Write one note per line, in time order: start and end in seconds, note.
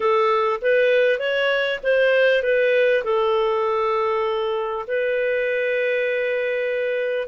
0.00 0.60 A4
0.61 1.19 B4
1.19 1.79 C#5
1.83 2.42 C5
2.42 3.03 B4
3.04 4.85 A4
4.87 7.28 B4